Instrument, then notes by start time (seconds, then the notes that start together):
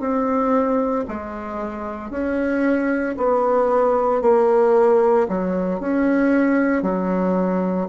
bassoon
0.00 C4
1.09 G#3
2.11 C#4
3.18 B3
4.22 A#3
5.29 F#3
5.80 C#4
6.83 F#3